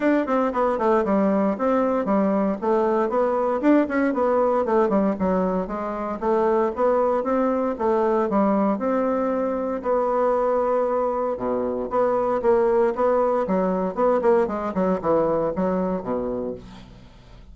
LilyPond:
\new Staff \with { instrumentName = "bassoon" } { \time 4/4 \tempo 4 = 116 d'8 c'8 b8 a8 g4 c'4 | g4 a4 b4 d'8 cis'8 | b4 a8 g8 fis4 gis4 | a4 b4 c'4 a4 |
g4 c'2 b4~ | b2 b,4 b4 | ais4 b4 fis4 b8 ais8 | gis8 fis8 e4 fis4 b,4 | }